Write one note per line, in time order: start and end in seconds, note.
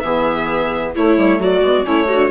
0.00 0.95 E3
0.00 0.95 B3
0.00 0.95 G#4
0.00 0.92 E5
0.95 1.62 A3
0.95 1.17 A3
0.95 1.39 E4
0.95 1.42 C#5
1.17 1.39 G3
1.39 1.61 F#3
1.39 1.85 F#4
1.39 1.86 D5
1.61 1.84 G#3
1.61 1.83 B3
1.83 2.30 A3
1.83 2.06 C#4
1.83 2.08 E4
1.83 2.30 C#5
2.08 2.30 D4
2.08 2.30 F#4